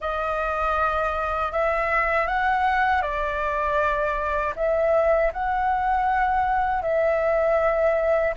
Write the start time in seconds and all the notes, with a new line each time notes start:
0.00 D#5
1.52 E5
2.27 F#5
3.02 D5
4.56 E5
5.33 F#5
6.81 E5